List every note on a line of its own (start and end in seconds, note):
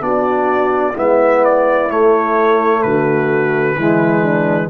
0.00 0.95 B3
0.00 0.94 D4
0.00 0.94 F#4
0.00 0.96 D5
0.94 1.90 G#3
0.94 1.89 B3
0.94 2.81 E4
0.94 1.45 E5
1.45 1.91 D5
1.89 3.76 A3
1.89 2.84 A3
1.89 2.82 C#5
2.82 3.77 D3
2.82 3.79 F#4
2.82 4.70 B4
3.77 4.70 E3
3.77 4.70 G#3
3.77 4.23 E4
4.23 4.70 D4